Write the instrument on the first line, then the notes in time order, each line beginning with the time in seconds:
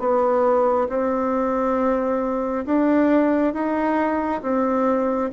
bassoon
0.00 B3
0.89 C4
2.66 D4
3.54 D#4
4.42 C4